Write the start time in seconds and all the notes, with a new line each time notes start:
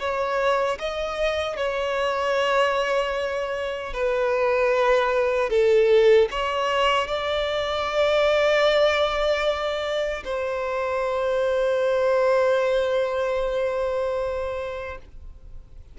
0.00 C#5
0.79 D#5
1.57 C#5
3.94 B4
5.50 A4
6.32 C#5
7.08 D5
10.25 C5